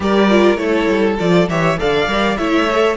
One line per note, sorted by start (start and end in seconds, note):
0.00 0.56 G3
0.00 0.29 G4
0.00 0.60 A#4
0.00 0.56 D5
0.29 0.57 F4
0.56 0.86 A3
0.56 1.16 E4
0.56 1.49 A4
0.56 1.16 C#5
0.88 1.17 G3
1.19 1.48 F3
1.19 1.48 F4
1.19 1.48 D5
1.48 1.78 E3
1.48 1.78 G4
1.48 1.79 C#5
1.48 1.78 E5
1.78 2.07 D3
1.78 2.07 A4
1.78 2.38 D5
1.78 2.36 F5
2.07 2.37 G3
2.07 2.38 A#4
2.36 2.96 A3
2.36 2.68 E4
2.36 2.96 C#5
2.36 2.96 E5
2.70 2.96 A4